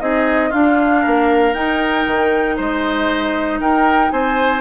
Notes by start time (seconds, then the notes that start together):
0.00 C4 D#4 G#4 D#5
0.49 D4 F4 F5
1.02 A#3 A#4
1.53 D#4 G5
2.06 D#3
2.56 G#3 C5 D#5
3.59 D#4 A#4 G5
4.11 C4 C5 G#5